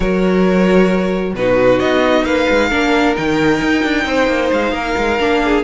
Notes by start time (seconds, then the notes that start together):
0.00 F#3 F#4 A#4 C#5
1.34 B2 D#4 F#4 B4
1.79 B3 D#5
2.23 A#3 B4 F5
2.49 G#3
2.68 A#3 D4 A#4
3.15 D#3 D#4 G5
3.61 D#4
3.83 D4
4.05 C4 C5
4.27 A#3
4.52 G#3 F5
4.72 A#3 A#4
4.97 G#3
5.19 A#3 D4
5.44 G#4